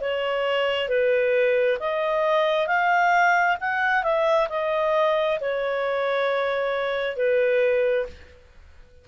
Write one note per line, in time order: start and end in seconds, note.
0.00 0.88 C#5
0.88 1.78 B4
1.80 2.67 D#5
2.67 3.57 F5
3.60 4.03 F#5
4.03 4.48 E5
4.49 5.39 D#5
5.41 7.16 C#5
7.16 8.06 B4